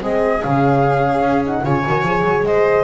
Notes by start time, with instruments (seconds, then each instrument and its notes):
0.00 double bass G#3, horn C4, viola G#4, flute D#5
0.42 double bass C#3, horn C#4, flute F5
1.21 double bass C#4
1.44 horn D#4, flute F#5
1.62 double bass C#3, horn F4, viola C#5, flute G#5
1.86 double bass D#3, horn F#4
2.02 double bass F3, horn G#4
2.24 double bass F#3
2.43 double bass G#3, viola C5, flute D#5